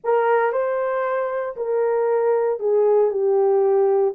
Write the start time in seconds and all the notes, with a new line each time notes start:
0.04 A#4
0.52 C5
1.56 A#4
2.59 G#4
3.10 G4